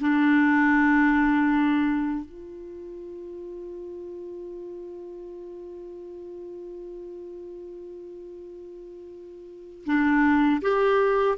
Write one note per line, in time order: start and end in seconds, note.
0.00 2.25 D4
2.25 9.85 F4
9.86 10.62 D4
10.62 11.38 G4